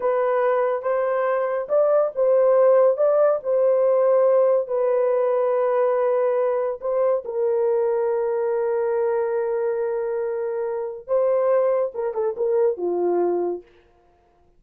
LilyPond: \new Staff \with { instrumentName = "horn" } { \time 4/4 \tempo 4 = 141 b'2 c''2 | d''4 c''2 d''4 | c''2. b'4~ | b'1 |
c''4 ais'2.~ | ais'1~ | ais'2 c''2 | ais'8 a'8 ais'4 f'2 | }